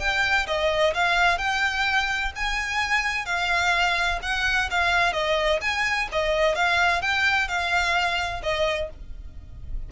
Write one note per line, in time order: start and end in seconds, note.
0.00 0.47 G5
0.47 0.94 D#5
0.94 1.38 F5
1.38 2.32 G5
2.36 3.26 G#5
3.26 4.20 F5
4.23 4.70 F#5
4.71 5.13 F5
5.13 5.60 D#5
5.62 6.09 G#5
6.13 6.55 D#5
6.55 7.02 F5
7.02 7.48 G5
7.48 8.42 F5
8.43 8.90 D#5